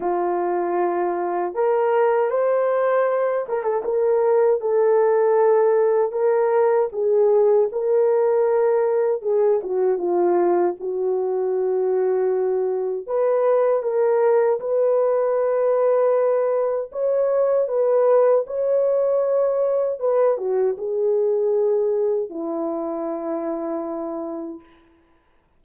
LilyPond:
\new Staff \with { instrumentName = "horn" } { \time 4/4 \tempo 4 = 78 f'2 ais'4 c''4~ | c''8 ais'16 a'16 ais'4 a'2 | ais'4 gis'4 ais'2 | gis'8 fis'8 f'4 fis'2~ |
fis'4 b'4 ais'4 b'4~ | b'2 cis''4 b'4 | cis''2 b'8 fis'8 gis'4~ | gis'4 e'2. | }